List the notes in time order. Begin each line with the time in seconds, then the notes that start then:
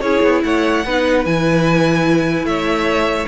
0.00 C#4 E4 G#4 C#5
0.23 B3
0.44 A3 C#5 F#5
0.85 B3 D#4 B4
1.25 E3 E4 G#5
2.44 A3 C#5 E5